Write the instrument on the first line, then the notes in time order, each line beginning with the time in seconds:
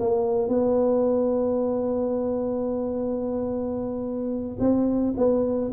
tuba
0.00 A#3
0.49 B3
4.60 C4
5.17 B3